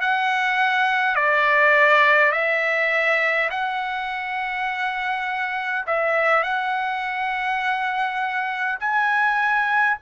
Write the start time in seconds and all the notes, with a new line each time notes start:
0.00 F#5
1.15 D5
2.32 E5
3.50 F#5
5.87 E5
6.43 F#5
8.79 G#5